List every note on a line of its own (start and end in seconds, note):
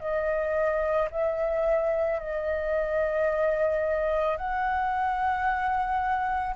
0.00 1.09 D#5
1.11 2.19 E5
2.19 4.37 D#5
4.37 6.56 F#5